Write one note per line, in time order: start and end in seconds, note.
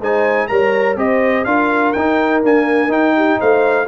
0.00 0.49 G#3
0.00 0.49 D#4
0.00 0.48 C5
0.00 0.47 G#5
0.47 0.96 G3
0.47 0.97 A#4
0.47 0.98 C#5
0.47 0.96 A#5
0.96 1.45 C4
0.96 1.45 G4
0.96 1.47 C5
0.96 1.45 D#5
1.45 1.94 D4
1.45 1.94 F4
1.45 3.16 A#4
1.45 1.92 F5
1.92 2.44 D#4
1.92 2.43 D#4
1.92 2.41 G5
2.43 2.89 A#3
2.43 2.88 D4
2.43 2.92 G#5
2.88 3.37 D#4
2.88 3.86 D#4
2.88 3.40 G5
3.16 3.40 G4
3.40 3.88 A3
3.40 3.88 C5
3.40 3.88 F5